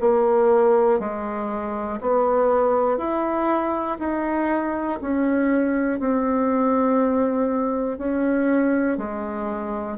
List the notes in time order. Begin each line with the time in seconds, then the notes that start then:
0.00 A#3
1.00 G#3
2.00 B3
2.98 E4
3.99 D#4
5.01 C#4
5.99 C4
7.98 C#4
8.97 G#3